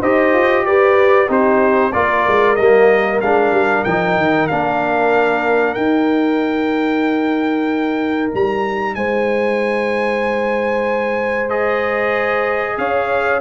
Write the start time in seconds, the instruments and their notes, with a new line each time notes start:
0.00 tuba D#4, trombone G4, horn C5, trumpet D#5
0.33 tuba F4
0.64 tuba G4, horn B4, trumpet D5
1.28 tuba C4, trombone D#4, horn G4, trumpet C5
1.92 tuba A#3, trombone F4, horn A#4, trumpet D5
2.27 tuba G#3
2.55 tuba G3, trombone A#3, trumpet D#5
3.21 tuba G#3, trombone D4, trumpet F5
3.51 tuba G3
3.84 tuba F3, trombone D#4, trumpet G5
4.17 tuba D#3
4.47 tuba A#3, trombone D4, trumpet F5
5.74 trombone D#4, tuba D#4, trumpet G5
8.34 tuba G3, trumpet A#5
8.95 tuba G#3, horn C5, trumpet G#5
11.49 trombone G#4, trumpet D#5
12.78 tuba C#4, horn C#5, trumpet F5